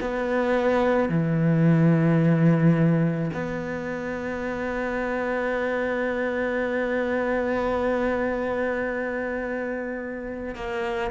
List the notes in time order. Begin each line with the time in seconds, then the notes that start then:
0.00 B3
1.09 E3
3.33 B3
10.55 A#3